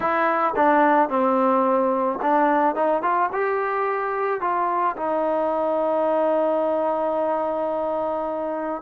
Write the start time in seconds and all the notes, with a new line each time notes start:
0.00 E4
0.56 D4
1.09 C4
2.21 D4
2.75 D#4
3.02 F4
3.32 G4
4.41 F4
4.96 D#4